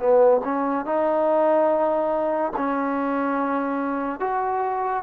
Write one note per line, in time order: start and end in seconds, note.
0.00 0.42 B3
0.45 0.86 C#4
0.86 2.53 D#4
2.57 4.20 C#4
4.20 5.04 F#4